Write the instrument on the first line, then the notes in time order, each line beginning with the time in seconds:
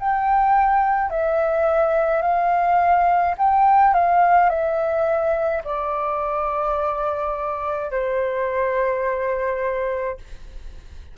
flute
0.00 G5
1.11 E5
2.22 F5
3.38 G5
3.94 F5
4.50 E5
5.64 D5
7.91 C5